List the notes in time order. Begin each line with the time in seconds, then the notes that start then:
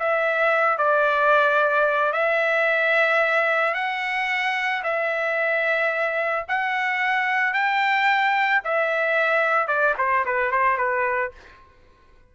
0.00 E5
0.78 D5
2.13 E5
3.75 F#5
4.84 E5
6.49 F#5
7.54 G5
8.65 E5
9.68 D5
9.99 C5
10.26 B4
10.52 C5
10.78 B4